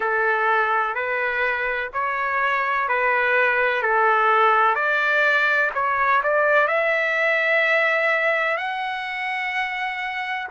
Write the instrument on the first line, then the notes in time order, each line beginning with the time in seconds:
trumpet
0.00 A4
0.94 B4
1.93 C#5
2.88 B4
3.82 A4
4.75 D5
5.74 C#5
6.23 D5
6.67 E5
8.57 F#5